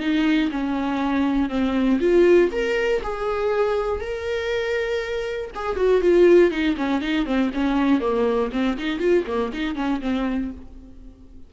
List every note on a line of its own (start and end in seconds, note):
0.00 0.50 D#4
0.51 1.49 C#4
1.49 1.99 C4
2.00 2.50 F4
2.52 3.02 A#4
3.03 4.01 G#4
4.01 5.51 A#4
5.55 5.76 G#4
5.76 6.01 F#4
6.01 6.51 F4
6.51 6.76 D#4
6.77 7.01 C#4
7.01 7.26 D#4
7.26 7.51 C4
7.54 8.01 C#4
8.01 8.51 A#3
8.52 8.77 C4
8.78 8.99 D#4
8.99 9.24 F4
9.27 9.52 A#3
9.53 9.75 D#4
9.75 10.00 C#4
10.01 10.51 C4